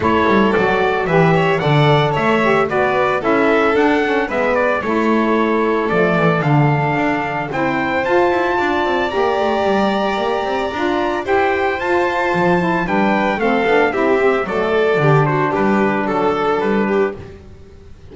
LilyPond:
<<
  \new Staff \with { instrumentName = "trumpet" } { \time 4/4 \tempo 4 = 112 cis''4 d''4 e''4 fis''4 | e''4 d''4 e''4 fis''4 | e''8 d''8 cis''2 d''4 | f''2 g''4 a''4~ |
a''4 ais''2.~ | ais''4 g''4 a''2 | g''4 f''4 e''4 d''4~ | d''8 c''8 b'4 a'4 b'4 | }
  \new Staff \with { instrumentName = "violin" } { \time 4/4 a'2 b'8 cis''8 d''4 | cis''4 b'4 a'2 | b'4 a'2.~ | a'2 c''2 |
d''1~ | d''4 c''2. | b'4 a'4 g'4 a'4 | g'8 fis'8 g'4 a'4. g'8 | }
  \new Staff \with { instrumentName = "saxophone" } { \time 4/4 e'4 fis'4 g'4 a'4~ | a'8 g'8 fis'4 e'4 d'8 cis'8 | b4 e'2 a4 | d'2 e'4 f'4~ |
f'4 g'2. | f'4 g'4 f'4. e'8 | d'4 c'8 d'8 e'8 c'8 a4 | d'1 | }
  \new Staff \with { instrumentName = "double bass" } { \time 4/4 a8 g8 fis4 e4 d4 | a4 b4 cis'4 d'4 | gis4 a2 f8 e8 | d4 d'4 c'4 f'8 e'8 |
d'8 c'8 ais8 a8 g4 ais8 c'8 | d'4 e'4 f'4 f4 | g4 a8 b8 c'4 fis4 | d4 g4 fis4 g4 | }
>>